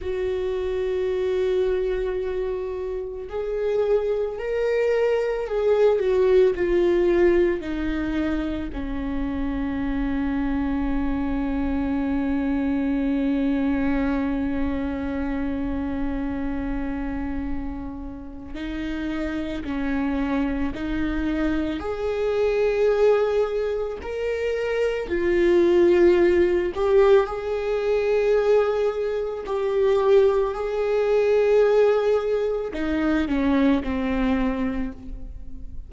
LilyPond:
\new Staff \with { instrumentName = "viola" } { \time 4/4 \tempo 4 = 55 fis'2. gis'4 | ais'4 gis'8 fis'8 f'4 dis'4 | cis'1~ | cis'1~ |
cis'4 dis'4 cis'4 dis'4 | gis'2 ais'4 f'4~ | f'8 g'8 gis'2 g'4 | gis'2 dis'8 cis'8 c'4 | }